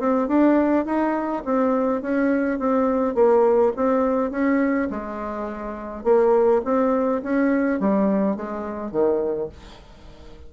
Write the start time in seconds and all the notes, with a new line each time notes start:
0.00 C4
0.28 D4
0.86 D#4
1.45 C4
2.02 C#4
2.59 C4
3.15 A#3
3.77 C4
4.31 C#4
4.91 G#3
6.04 A#3
6.65 C4
7.24 C#4
7.80 G3
8.37 G#3
8.92 D#3